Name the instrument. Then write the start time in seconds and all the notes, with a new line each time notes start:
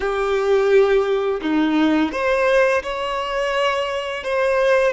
violin
0.00 G4
1.41 D#4
2.11 C5
2.82 C#5
4.23 C5